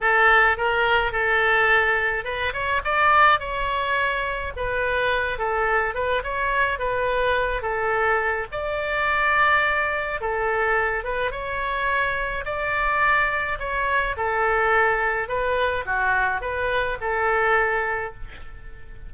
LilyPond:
\new Staff \with { instrumentName = "oboe" } { \time 4/4 \tempo 4 = 106 a'4 ais'4 a'2 | b'8 cis''8 d''4 cis''2 | b'4. a'4 b'8 cis''4 | b'4. a'4. d''4~ |
d''2 a'4. b'8 | cis''2 d''2 | cis''4 a'2 b'4 | fis'4 b'4 a'2 | }